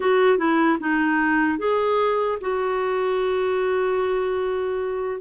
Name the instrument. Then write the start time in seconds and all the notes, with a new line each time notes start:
clarinet
0.00 F#4
0.37 E4
0.80 D#4
1.58 G#4
2.40 F#4